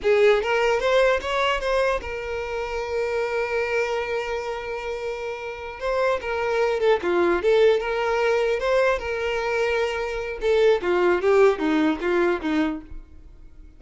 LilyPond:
\new Staff \with { instrumentName = "violin" } { \time 4/4 \tempo 4 = 150 gis'4 ais'4 c''4 cis''4 | c''4 ais'2.~ | ais'1~ | ais'2~ ais'8 c''4 ais'8~ |
ais'4 a'8 f'4 a'4 ais'8~ | ais'4. c''4 ais'4.~ | ais'2 a'4 f'4 | g'4 dis'4 f'4 dis'4 | }